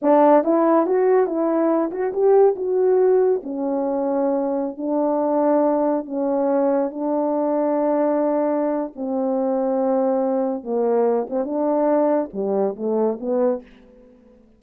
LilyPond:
\new Staff \with { instrumentName = "horn" } { \time 4/4 \tempo 4 = 141 d'4 e'4 fis'4 e'4~ | e'8 fis'8 g'4 fis'2 | cis'2.~ cis'16 d'8.~ | d'2~ d'16 cis'4.~ cis'16~ |
cis'16 d'2.~ d'8.~ | d'4 c'2.~ | c'4 ais4. c'8 d'4~ | d'4 g4 a4 b4 | }